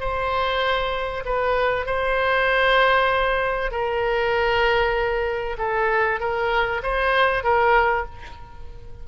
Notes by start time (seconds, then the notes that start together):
0.00 C5
1.25 B4
1.86 C5
3.71 A#4
5.58 A4
6.20 A#4
6.83 C5
7.44 A#4